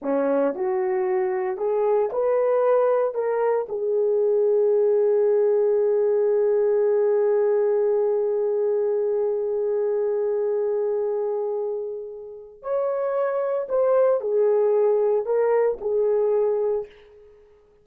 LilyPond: \new Staff \with { instrumentName = "horn" } { \time 4/4 \tempo 4 = 114 cis'4 fis'2 gis'4 | b'2 ais'4 gis'4~ | gis'1~ | gis'1~ |
gis'1~ | gis'1 | cis''2 c''4 gis'4~ | gis'4 ais'4 gis'2 | }